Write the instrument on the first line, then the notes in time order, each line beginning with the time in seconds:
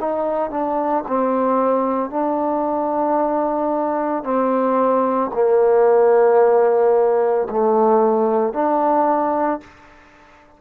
trombone
0.00 D#4
0.51 D4
1.08 C4
2.10 D4
4.24 C4
5.34 A#3
7.50 A3
8.54 D4